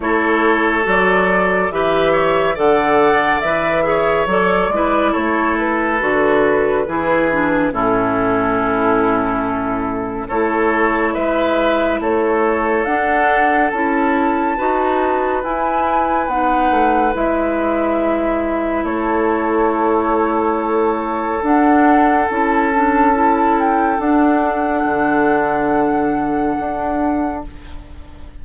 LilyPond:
<<
  \new Staff \with { instrumentName = "flute" } { \time 4/4 \tempo 4 = 70 cis''4 d''4 e''4 fis''4 | e''4 d''4 cis''8 b'4.~ | b'4 a'2. | cis''4 e''4 cis''4 fis''4 |
a''2 gis''4 fis''4 | e''2 cis''2~ | cis''4 fis''4 a''4. g''8 | fis''1 | }
  \new Staff \with { instrumentName = "oboe" } { \time 4/4 a'2 b'8 cis''8 d''4~ | d''8 cis''4 b'8 a'2 | gis'4 e'2. | a'4 b'4 a'2~ |
a'4 b'2.~ | b'2 a'2~ | a'1~ | a'1 | }
  \new Staff \with { instrumentName = "clarinet" } { \time 4/4 e'4 fis'4 g'4 a'4 | b'8 gis'8 a'8 e'4. fis'4 | e'8 d'8 cis'2. | e'2. d'4 |
e'4 fis'4 e'4 dis'4 | e'1~ | e'4 d'4 e'8 d'8 e'4 | d'1 | }
  \new Staff \with { instrumentName = "bassoon" } { \time 4/4 a4 fis4 e4 d4 | e4 fis8 gis8 a4 d4 | e4 a,2. | a4 gis4 a4 d'4 |
cis'4 dis'4 e'4 b8 a8 | gis2 a2~ | a4 d'4 cis'2 | d'4 d2 d'4 | }
>>